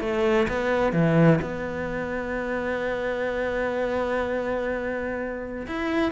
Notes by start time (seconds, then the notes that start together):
0.00 A3
0.48 B3
0.93 E3
1.42 B3
5.67 E4